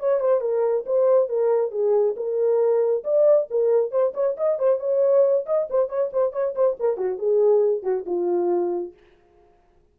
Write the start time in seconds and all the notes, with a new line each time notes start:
0.00 C#5
0.20 C5
0.41 A#4
0.86 C5
1.29 A#4
1.72 G#4
2.17 A#4
3.05 D5
3.51 A#4
3.91 C5
4.14 C#5
4.37 D#5
4.59 C5
4.80 C#5
5.46 D#5
5.70 C5
5.89 C#5
6.13 C5
6.33 C#5
6.55 C5
6.80 A#4
6.97 F#4
7.19 G#4
7.83 F#4
8.06 F4